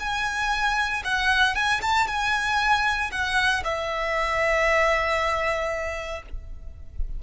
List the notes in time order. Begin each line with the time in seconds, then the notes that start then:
0.00 G#5
1.05 F#5
1.56 G#5
1.82 A5
2.08 G#5
3.12 F#5
3.64 E5